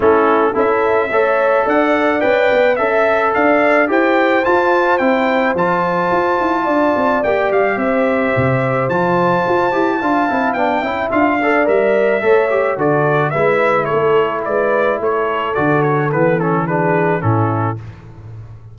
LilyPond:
<<
  \new Staff \with { instrumentName = "trumpet" } { \time 4/4 \tempo 4 = 108 a'4 e''2 fis''4 | g''4 e''4 f''4 g''4 | a''4 g''4 a''2~ | a''4 g''8 f''8 e''2 |
a''2. g''4 | f''4 e''2 d''4 | e''4 cis''4 d''4 cis''4 | d''8 cis''8 b'8 a'8 b'4 a'4 | }
  \new Staff \with { instrumentName = "horn" } { \time 4/4 e'4 a'4 cis''4 d''4~ | d''4 e''4 d''4 c''4~ | c''1 | d''2 c''2~ |
c''2 f''4. e''8~ | e''8 d''4. cis''4 a'4 | b'4 a'4 b'4 a'4~ | a'2 gis'4 e'4 | }
  \new Staff \with { instrumentName = "trombone" } { \time 4/4 cis'4 e'4 a'2 | b'4 a'2 g'4 | f'4 e'4 f'2~ | f'4 g'2. |
f'4. g'8 f'8 e'8 d'8 e'8 | f'8 a'8 ais'4 a'8 g'8 fis'4 | e'1 | fis'4 b8 cis'8 d'4 cis'4 | }
  \new Staff \with { instrumentName = "tuba" } { \time 4/4 a4 cis'4 a4 d'4 | cis'8 b8 cis'4 d'4 e'4 | f'4 c'4 f4 f'8 e'8 | d'8 c'8 ais8 g8 c'4 c4 |
f4 f'8 e'8 d'8 c'8 b8 cis'8 | d'4 g4 a4 d4 | gis4 a4 gis4 a4 | d4 e2 a,4 | }
>>